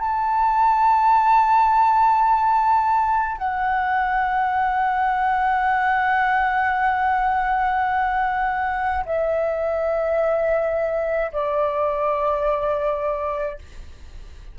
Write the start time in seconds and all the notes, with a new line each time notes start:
0.00 A5
3.39 F#5
9.06 E5
11.33 D5